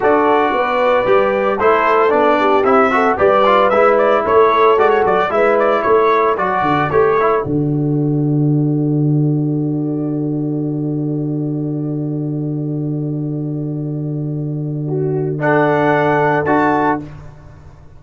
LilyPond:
<<
  \new Staff \with { instrumentName = "trumpet" } { \time 4/4 \tempo 4 = 113 d''2. c''4 | d''4 e''4 d''4 e''8 d''8 | cis''4 d''16 cis''16 d''8 e''8 d''8 cis''4 | d''4 cis''4 d''2~ |
d''1~ | d''1~ | d''1~ | d''4 fis''2 a''4 | }
  \new Staff \with { instrumentName = "horn" } { \time 4/4 a'4 b'2 a'4~ | a'8 g'4 a'8 b'2 | a'2 b'4 a'4~ | a'1~ |
a'1~ | a'1~ | a'1 | fis'4 a'2. | }
  \new Staff \with { instrumentName = "trombone" } { \time 4/4 fis'2 g'4 e'4 | d'4 e'8 fis'8 g'8 f'8 e'4~ | e'4 fis'4 e'2 | fis'4 g'8 e'8 fis'2~ |
fis'1~ | fis'1~ | fis'1~ | fis'4 d'2 fis'4 | }
  \new Staff \with { instrumentName = "tuba" } { \time 4/4 d'4 b4 g4 a4 | b4 c'4 g4 gis4 | a4 gis8 fis8 gis4 a4 | fis8 d8 a4 d2~ |
d1~ | d1~ | d1~ | d2. d'4 | }
>>